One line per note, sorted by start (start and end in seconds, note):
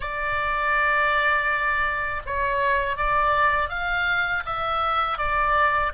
0.00 2.22 D5
2.26 2.96 C#5
2.96 3.69 D5
3.69 4.43 F5
4.45 5.18 E5
5.18 5.92 D5